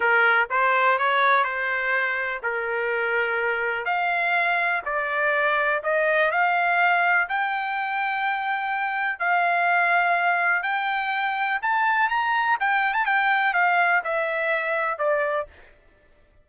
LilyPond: \new Staff \with { instrumentName = "trumpet" } { \time 4/4 \tempo 4 = 124 ais'4 c''4 cis''4 c''4~ | c''4 ais'2. | f''2 d''2 | dis''4 f''2 g''4~ |
g''2. f''4~ | f''2 g''2 | a''4 ais''4 g''8. a''16 g''4 | f''4 e''2 d''4 | }